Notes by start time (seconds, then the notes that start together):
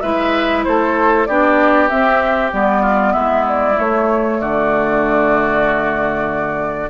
0.00 G#3 E4 B4 E5
0.64 A3 A4 C5
1.26 B3 D4 G4 D5
1.89 C4 E5
2.52 G3 B3 D5
2.82 F4
3.12 G#3 E4 E5
3.48 D5
3.74 A3 C#5
4.40 D3 F#4 D5